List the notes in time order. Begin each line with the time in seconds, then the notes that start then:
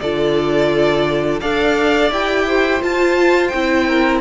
0.00 D3 F4 A4 D5
1.41 D4 A4 D5 F5
2.10 E4 G4 G5
2.47 C5
2.80 F4 A5
3.48 C4 G5
3.54 E4
3.88 A#4